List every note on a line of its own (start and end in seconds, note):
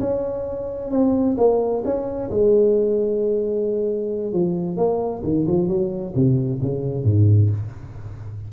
0.00 0.91 C#4
0.91 1.36 C4
1.38 1.83 A#3
1.85 2.30 C#4
2.30 4.33 G#3
4.33 4.76 F3
4.76 5.22 A#3
5.24 5.46 D#3
5.46 5.68 F3
5.68 6.13 F#3
6.15 6.60 C3
6.61 7.04 C#3
7.04 7.50 G#2